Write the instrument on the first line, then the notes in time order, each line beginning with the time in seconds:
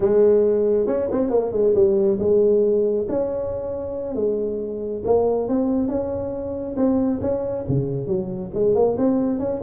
tuba
0.00 G#3
0.86 C#4
1.11 C4
1.30 A#3
1.51 G#3
1.74 G3
2.19 G#3
3.09 C#4
4.15 G#3
5.04 A#3
5.48 C4
5.88 C#4
6.76 C4
7.21 C#4
7.68 C#3
8.07 F#3
8.54 G#3
8.74 A#3
8.97 C4
9.39 C#4